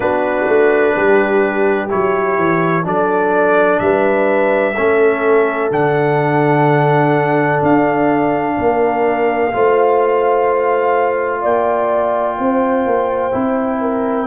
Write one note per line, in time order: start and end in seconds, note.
0.00 0.45 B3
0.00 1.88 D4
0.00 0.93 F#4
0.00 1.89 B4
0.47 0.95 A3
0.95 1.91 G3
0.95 2.86 G4
1.88 2.37 F#3
1.88 2.84 E4
1.88 2.85 C#5
2.37 2.84 E3
2.84 3.80 F#3
2.84 4.74 D4
2.84 3.81 A4
2.84 3.79 D5
3.79 4.75 G3
3.79 4.74 B4
3.79 5.69 E5
4.74 5.71 A3
4.74 5.71 C#4
4.74 8.55 A4
5.71 7.61 D3
5.71 9.52 D4
5.71 7.62 F#5
7.62 8.57 D4
7.62 11.44 F5
8.57 9.53 A#3
8.57 9.52 A#4
9.53 11.43 A3
9.53 13.31 F4
9.53 11.41 C5
11.41 12.39 A#3
11.41 12.36 D5
11.41 14.27 G5
12.38 12.86 C4
12.38 13.80 C5
12.86 13.33 A#3
13.31 14.27 C4
13.31 14.26 E4
13.80 14.27 A#4